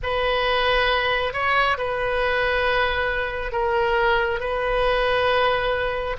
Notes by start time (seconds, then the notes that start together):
0.02 B4
1.33 C#5
1.77 B4
3.52 A#4
4.40 B4